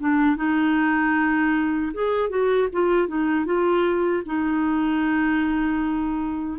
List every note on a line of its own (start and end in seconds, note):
0.00 0.36 D4
0.36 1.92 D#4
1.94 2.30 G#4
2.30 2.68 F#4
2.73 3.08 F4
3.08 3.46 D#4
3.46 4.24 F4
4.26 6.60 D#4